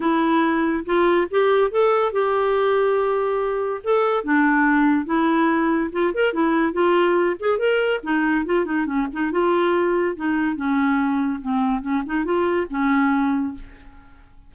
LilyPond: \new Staff \with { instrumentName = "clarinet" } { \time 4/4 \tempo 4 = 142 e'2 f'4 g'4 | a'4 g'2.~ | g'4 a'4 d'2 | e'2 f'8 ais'8 e'4 |
f'4. gis'8 ais'4 dis'4 | f'8 dis'8 cis'8 dis'8 f'2 | dis'4 cis'2 c'4 | cis'8 dis'8 f'4 cis'2 | }